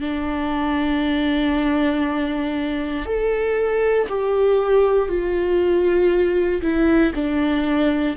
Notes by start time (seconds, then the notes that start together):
0.00 D4
3.05 A4
4.08 G4
5.08 F4
6.61 E4
7.14 D4